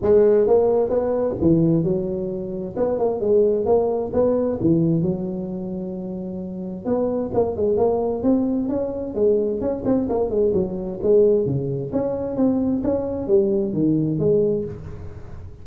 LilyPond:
\new Staff \with { instrumentName = "tuba" } { \time 4/4 \tempo 4 = 131 gis4 ais4 b4 e4 | fis2 b8 ais8 gis4 | ais4 b4 e4 fis4~ | fis2. b4 |
ais8 gis8 ais4 c'4 cis'4 | gis4 cis'8 c'8 ais8 gis8 fis4 | gis4 cis4 cis'4 c'4 | cis'4 g4 dis4 gis4 | }